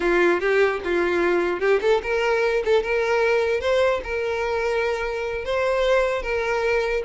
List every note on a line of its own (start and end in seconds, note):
0.00 0.40 F4
0.40 0.80 G4
0.84 1.60 F4
1.60 1.80 G4
1.81 2.01 A4
2.02 2.63 A#4
2.64 2.82 A4
2.82 3.60 A#4
3.60 4.00 C5
4.03 5.44 A#4
5.44 6.22 C5
6.22 7.03 A#4